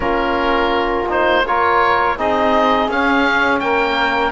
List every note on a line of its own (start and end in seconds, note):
0.00 2.18 A#3
0.00 1.06 C#4
0.00 1.44 F4
0.00 1.08 A#4
1.08 1.44 D#4
1.08 1.46 C5
1.46 2.17 F4
1.46 2.16 A#4
1.46 2.19 C#5
2.16 2.88 C4
2.16 2.90 D#4
2.16 3.61 G#4
2.16 2.91 D#5
2.88 3.60 C#4
2.88 4.31 C#4
2.88 3.59 F5
3.59 4.31 A#3
3.59 4.31 A#4
3.59 4.31 G5